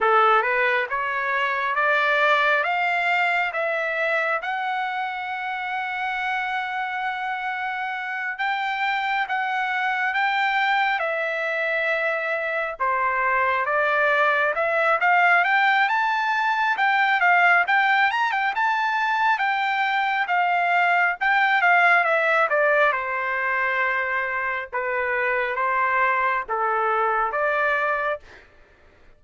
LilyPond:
\new Staff \with { instrumentName = "trumpet" } { \time 4/4 \tempo 4 = 68 a'8 b'8 cis''4 d''4 f''4 | e''4 fis''2.~ | fis''4. g''4 fis''4 g''8~ | g''8 e''2 c''4 d''8~ |
d''8 e''8 f''8 g''8 a''4 g''8 f''8 | g''8 ais''16 g''16 a''4 g''4 f''4 | g''8 f''8 e''8 d''8 c''2 | b'4 c''4 a'4 d''4 | }